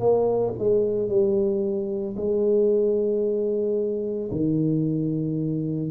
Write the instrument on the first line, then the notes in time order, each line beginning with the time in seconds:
tuba
0.00 A#3
0.58 G#3
1.09 G3
2.16 G#3
4.31 D#3